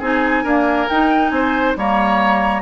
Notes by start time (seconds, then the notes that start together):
0.00 C4 D#4 G#4 G#5
0.43 A#3 D4 A#4
0.89 D#4 G5
1.29 C4 C5 G#5
1.76 G3 A#3 C#5 A#5